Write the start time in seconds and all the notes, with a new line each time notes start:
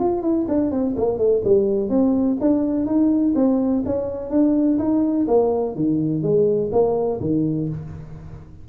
0.00 F4
0.22 E4
0.48 D4
0.71 C4
0.97 A#3
1.18 A3
1.45 G3
1.90 C4
2.41 D4
2.86 D#4
3.36 C4
3.86 C#4
4.31 D4
4.79 D#4
5.28 A#3
5.76 D#3
6.23 G#3
6.73 A#3
7.21 D#3